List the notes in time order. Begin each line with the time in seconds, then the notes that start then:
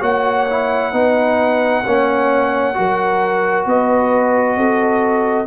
0.00 A#3 F#4 C#5 F#5
0.49 E4
0.92 B3 D#4 B4
1.85 A#3 C#4 C#5
2.73 F#3 F#4 A#4
3.66 B3 B4 D#5
4.56 C4 A4